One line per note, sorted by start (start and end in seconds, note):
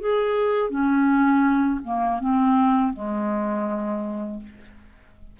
0.00 0.70 G#4
0.70 1.80 C#4
1.84 2.20 A#3
2.20 2.93 C4
2.93 4.39 G#3